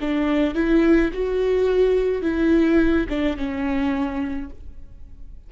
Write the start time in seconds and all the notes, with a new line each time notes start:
0.00 D4
0.54 E4
1.13 F#4
2.22 E4
3.09 D4
3.37 C#4